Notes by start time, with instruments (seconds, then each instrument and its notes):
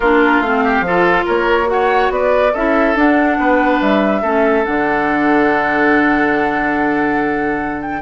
0.00 bassoon A#3, clarinet D4, oboe F4, flute A#4
0.40 bassoon A3, clarinet C4, flute F5
0.63 oboe G4
0.80 bassoon F3, clarinet F4
0.86 oboe A4
1.25 bassoon A#3, oboe A#4, flute C#5
1.65 clarinet F#4, flute F#5
1.72 oboe C#5
2.10 bassoon B3, oboe B4, flute D5
2.52 bassoon C#4, clarinet E4, oboe A4, flute E5
2.95 bassoon D4, clarinet D4, flute F#5
3.38 bassoon B3, oboe B4
3.81 bassoon G3, flute E5
4.21 bassoon A3, clarinet C#4, oboe A4
4.64 bassoon D3, clarinet D4, flute F#5
7.81 flute G5